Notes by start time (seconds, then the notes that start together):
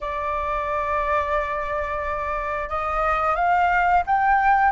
0.01 D5
2.69 D#5
3.35 F5
4.06 G5